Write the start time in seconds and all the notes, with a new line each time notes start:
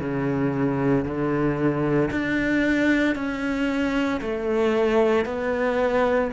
0.00 C#3
1.05 D3
2.11 D4
3.16 C#4
4.21 A3
5.25 B3